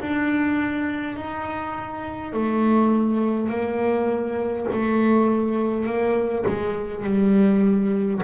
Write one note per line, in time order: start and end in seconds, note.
0.00 1.16 D4
1.16 2.32 D#4
2.32 3.49 A3
3.49 4.66 A#3
4.72 5.86 A3
5.86 6.44 A#3
6.47 7.04 G#3
7.04 8.21 G3